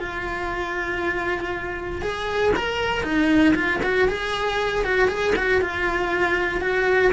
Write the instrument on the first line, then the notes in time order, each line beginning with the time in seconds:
cello
0.00 F4
2.02 G#4
2.56 A#4
3.03 D#4
3.55 F4
3.83 F#4
4.08 G#4
4.84 F#4
5.08 G#4
5.36 F#4
5.61 F4
6.61 F#4